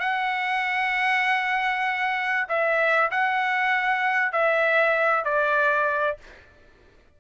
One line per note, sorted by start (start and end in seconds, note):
0.00 2.47 F#5
2.49 3.10 E5
3.11 4.32 F#5
4.32 5.25 E5
5.25 6.17 D5